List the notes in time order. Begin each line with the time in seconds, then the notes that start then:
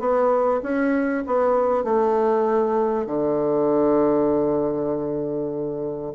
0.00 B3
0.63 C#4
1.27 B3
1.85 A3
3.06 D3